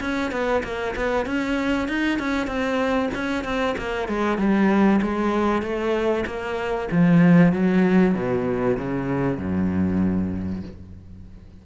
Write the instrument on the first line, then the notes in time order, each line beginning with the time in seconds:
cello
0.00 C#4
0.31 B3
0.63 A#3
0.96 B3
1.26 C#4
1.88 D#4
2.19 C#4
2.47 C4
3.14 C#4
3.44 C4
3.78 A#3
4.08 G#3
4.38 G3
5.02 G#3
5.62 A3
6.26 A#3
6.91 F3
7.53 F#3
8.14 B2
8.78 C#3
9.38 F#2